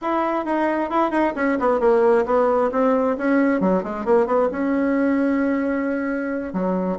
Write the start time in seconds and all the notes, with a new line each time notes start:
0.01 E4
0.45 D#4
0.90 E4
1.10 D#4
1.35 C#4
1.59 B3
1.79 A#3
2.25 B3
2.71 C4
3.17 C#4
3.60 F#3
3.83 G#3
4.05 A#3
4.26 B3
4.51 C#4
6.53 F#3